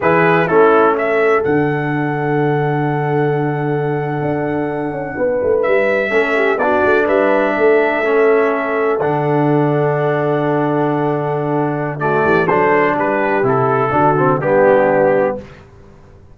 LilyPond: <<
  \new Staff \with { instrumentName = "trumpet" } { \time 4/4 \tempo 4 = 125 b'4 a'4 e''4 fis''4~ | fis''1~ | fis''2.~ fis''8. e''16~ | e''4.~ e''16 d''4 e''4~ e''16~ |
e''2~ e''8. fis''4~ fis''16~ | fis''1~ | fis''4 d''4 c''4 b'4 | a'2 g'2 | }
  \new Staff \with { instrumentName = "horn" } { \time 4/4 gis'4 e'4 a'2~ | a'1~ | a'2~ a'8. b'4~ b'16~ | b'8. a'8 g'8 fis'4 b'4 a'16~ |
a'1~ | a'1~ | a'4 fis'8 g'8 a'4 g'4~ | g'4 fis'4 d'2 | }
  \new Staff \with { instrumentName = "trombone" } { \time 4/4 e'4 cis'2 d'4~ | d'1~ | d'1~ | d'8. cis'4 d'2~ d'16~ |
d'8. cis'2 d'4~ d'16~ | d'1~ | d'4 a4 d'2 | e'4 d'8 c'8 b2 | }
  \new Staff \with { instrumentName = "tuba" } { \time 4/4 e4 a2 d4~ | d1~ | d8. d'4. cis'8 b8 a8 g16~ | g8. a4 b8 a8 g4 a16~ |
a2~ a8. d4~ d16~ | d1~ | d4. e8 fis4 g4 | c4 d4 g2 | }
>>